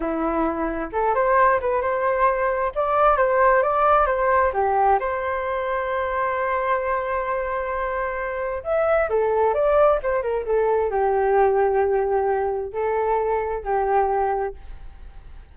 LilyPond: \new Staff \with { instrumentName = "flute" } { \time 4/4 \tempo 4 = 132 e'2 a'8 c''4 b'8 | c''2 d''4 c''4 | d''4 c''4 g'4 c''4~ | c''1~ |
c''2. e''4 | a'4 d''4 c''8 ais'8 a'4 | g'1 | a'2 g'2 | }